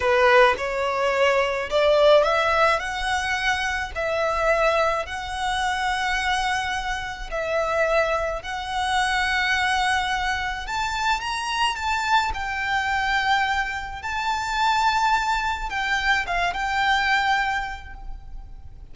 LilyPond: \new Staff \with { instrumentName = "violin" } { \time 4/4 \tempo 4 = 107 b'4 cis''2 d''4 | e''4 fis''2 e''4~ | e''4 fis''2.~ | fis''4 e''2 fis''4~ |
fis''2. a''4 | ais''4 a''4 g''2~ | g''4 a''2. | g''4 f''8 g''2~ g''8 | }